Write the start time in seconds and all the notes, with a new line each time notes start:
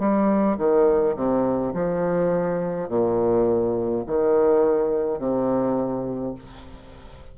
0.00 G3
0.58 D#3
1.16 C3
1.74 F3
2.89 A#2
4.07 D#3
5.19 C3